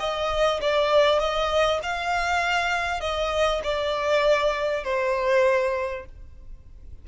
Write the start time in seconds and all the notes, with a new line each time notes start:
0.00 D#5
0.61 D5
1.20 D#5
1.83 F5
3.01 D#5
3.64 D5
4.84 C5